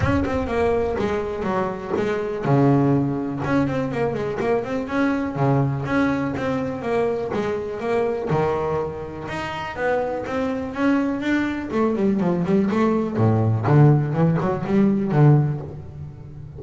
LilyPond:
\new Staff \with { instrumentName = "double bass" } { \time 4/4 \tempo 4 = 123 cis'8 c'8 ais4 gis4 fis4 | gis4 cis2 cis'8 c'8 | ais8 gis8 ais8 c'8 cis'4 cis4 | cis'4 c'4 ais4 gis4 |
ais4 dis2 dis'4 | b4 c'4 cis'4 d'4 | a8 g8 f8 g8 a4 a,4 | d4 e8 fis8 g4 d4 | }